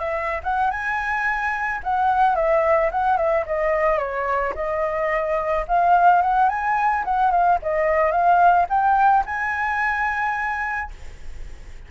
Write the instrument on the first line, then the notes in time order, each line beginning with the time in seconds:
flute
0.00 E5
0.44 F#5
0.71 G#5
1.84 F#5
2.36 E5
2.92 F#5
3.18 E5
3.47 D#5
3.99 C#5
4.56 D#5
5.68 F5
6.22 F#5
6.50 G#5
7.05 F#5
7.32 F5
7.63 D#5
8.12 F5
8.70 G5
9.26 G#5